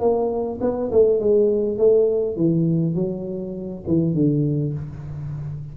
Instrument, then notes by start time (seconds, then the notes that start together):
tuba
0.00 A#3
0.61 B3
0.92 A3
1.20 G#3
1.78 A3
2.37 E3
2.95 F#3
3.87 E3
4.14 D3